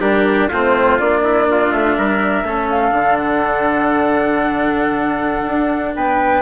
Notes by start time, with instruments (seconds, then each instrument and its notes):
0.00 bassoon G3, cello D4, trumpet G4, flute A#4
0.48 bassoon A3, cello C4, trumpet F4, flute C5
0.99 bassoon A#3, cello D4, flute D5
1.23 trumpet E4
1.51 trumpet F4
1.71 bassoon A3, flute E5
1.97 bassoon G3, trumpet A#4
2.43 bassoon A3, cello C#4, trumpet A4
2.69 flute F5
2.91 bassoon D3, cello D4
3.16 flute F#5
5.47 bassoon D4
5.96 bassoon B3, trumpet B4, flute G5